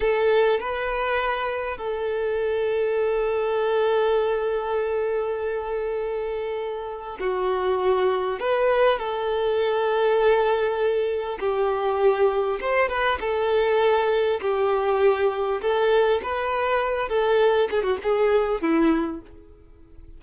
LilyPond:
\new Staff \with { instrumentName = "violin" } { \time 4/4 \tempo 4 = 100 a'4 b'2 a'4~ | a'1~ | a'1 | fis'2 b'4 a'4~ |
a'2. g'4~ | g'4 c''8 b'8 a'2 | g'2 a'4 b'4~ | b'8 a'4 gis'16 fis'16 gis'4 e'4 | }